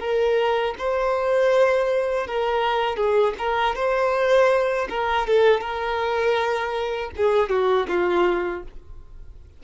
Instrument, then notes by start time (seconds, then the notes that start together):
violin
0.00 A#4
0.78 C5
2.27 A#4
2.97 G#4
3.39 A#4
3.76 C5
4.90 A#4
5.27 A4
5.61 A#4
7.17 G#4
7.50 F#4
7.89 F4